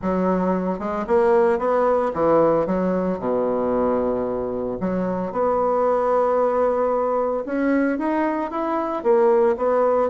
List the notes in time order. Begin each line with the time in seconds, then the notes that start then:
0.02 F#3
0.79 G#3
1.07 A#3
1.59 B3
2.13 E3
2.66 F#3
3.19 B2
4.80 F#3
5.31 B3
7.45 C#4
7.98 D#4
8.51 E4
9.03 A#3
9.56 B3